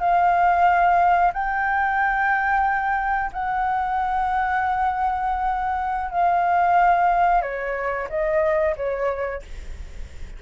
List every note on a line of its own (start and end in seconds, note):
0.00 1.32 F5
1.33 3.31 G5
3.33 6.10 F#5
6.10 7.42 F5
7.42 8.08 C#5
8.09 8.75 D#5
8.77 9.43 C#5